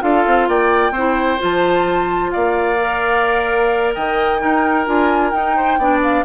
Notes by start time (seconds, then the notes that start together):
0.00 D4 F4 A4 F5
0.26 C4
0.48 A#3 D5 G5
0.91 C4 C5
0.97 E4
1.39 F3 F4 A5
2.31 A#3 D5 F5
2.80 A#4
3.95 D#3 D#5 G5
4.39 D#4 A#4
4.86 D4 F4 G#5
5.30 D#4 G5
5.56 C5
5.78 B3 D4 D5
6.03 F5